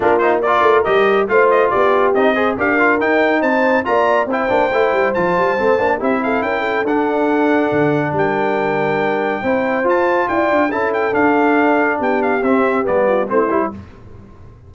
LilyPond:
<<
  \new Staff \with { instrumentName = "trumpet" } { \time 4/4 \tempo 4 = 140 ais'8 c''8 d''4 dis''4 f''8 dis''8 | d''4 dis''4 f''4 g''4 | a''4 ais''4 g''2 | a''2 e''8 f''8 g''4 |
fis''2. g''4~ | g''2. a''4 | g''4 a''8 g''8 f''2 | g''8 f''8 e''4 d''4 c''4 | }
  \new Staff \with { instrumentName = "horn" } { \time 4/4 f'4 ais'2 c''4 | g'4. c''8 ais'2 | c''4 d''4 c''2~ | c''2 g'8 a'8 ais'8 a'8~ |
a'2. ais'4~ | ais'2 c''2 | d''4 a'2. | g'2~ g'8 f'8 e'4 | }
  \new Staff \with { instrumentName = "trombone" } { \time 4/4 d'8 dis'8 f'4 g'4 f'4~ | f'4 dis'8 gis'8 g'8 f'8 dis'4~ | dis'4 f'4 e'8 d'8 e'4 | f'4 c'8 d'8 e'2 |
d'1~ | d'2 e'4 f'4~ | f'4 e'4 d'2~ | d'4 c'4 b4 c'8 e'8 | }
  \new Staff \with { instrumentName = "tuba" } { \time 4/4 ais4. a8 g4 a4 | b4 c'4 d'4 dis'4 | c'4 ais4 c'8 ais8 a8 g8 | f8 g8 a8 ais8 c'4 cis'4 |
d'2 d4 g4~ | g2 c'4 f'4 | e'8 d'8 cis'4 d'2 | b4 c'4 g4 a8 g8 | }
>>